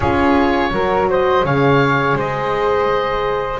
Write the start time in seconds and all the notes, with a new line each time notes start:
0.00 C#4 F4 G#4 C#5
0.70 F#3 F#4 A#4
1.09 C5 D#5
1.43 C#3 G#4 C#5 F5
2.14 G#3 C5 D#5